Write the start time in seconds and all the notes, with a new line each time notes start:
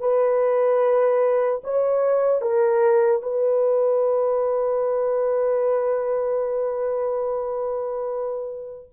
0.00 B4
1.64 C#5
2.42 A#4
3.22 B4